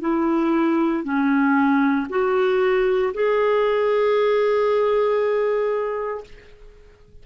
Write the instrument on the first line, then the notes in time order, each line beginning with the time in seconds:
clarinet
0.00 E4
1.03 C#4
2.09 F#4
3.13 G#4